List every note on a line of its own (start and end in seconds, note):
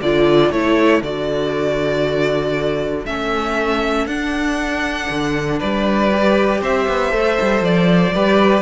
0.00 0.50 D3
0.00 0.53 F4
0.00 5.59 A4
0.00 0.51 D5
0.50 1.01 A3
0.50 1.03 E4
0.50 1.02 C#5
1.01 3.05 D3
1.01 3.06 F#4
1.01 3.05 D5
3.05 4.06 A3
3.05 4.08 C#4
3.05 4.06 E5
4.06 5.08 D4
4.06 6.10 D4
4.06 5.59 F#5
5.10 5.60 D3
5.59 6.61 G3
5.59 6.61 B4
5.59 6.61 D5
6.10 7.11 G4
6.61 6.87 C4
6.61 8.13 C5
6.61 7.64 E5
6.88 7.12 B3
7.11 7.38 A3
7.11 8.12 A4
7.41 7.61 G3
7.61 8.11 F3
7.61 8.61 D5
8.15 8.61 G3
8.15 8.61 G4
8.15 8.61 B4